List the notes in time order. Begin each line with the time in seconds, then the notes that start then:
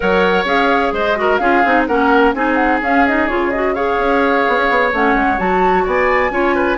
0.00 F#3 A#4 C#5 F#5
0.44 C#4 G#4 F5
0.92 G#3 C5 D#5
1.16 F#4 A#4
1.37 C#4 F4 G#4 F5
1.64 C4 D#4
1.87 A#3 C#4 A#4 F#5
2.34 C4 D#4 G#4 G#5
2.55 F#5
2.81 C#4 F5
3.07 D#4 D#5
3.27 C#3 F4 C#5
3.50 F#4 D#5
3.74 G#4 C#5 F5
3.98 C#4
4.48 B3
4.57 C#4
4.69 B3
4.92 A3 C#4 F#5
5.15 G#3
5.37 F#3 F#4 A5
5.84 B3 D5 G#5
6.30 C#4 F4 C#5
6.55 B4